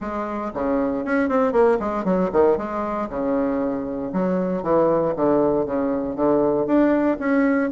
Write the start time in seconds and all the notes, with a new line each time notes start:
0.00 G#3
0.53 C#3
1.04 C#4
1.28 C4
1.52 A#3
1.79 G#3
2.04 F#3
2.32 D#3
2.57 G#3
3.09 C#3
4.12 F#3
4.62 E3
5.15 D3
5.65 C#3
6.15 D3
6.66 D4
7.19 C#4